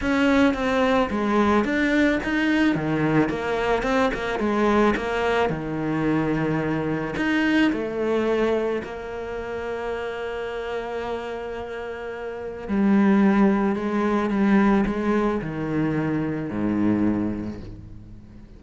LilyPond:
\new Staff \with { instrumentName = "cello" } { \time 4/4 \tempo 4 = 109 cis'4 c'4 gis4 d'4 | dis'4 dis4 ais4 c'8 ais8 | gis4 ais4 dis2~ | dis4 dis'4 a2 |
ais1~ | ais2. g4~ | g4 gis4 g4 gis4 | dis2 gis,2 | }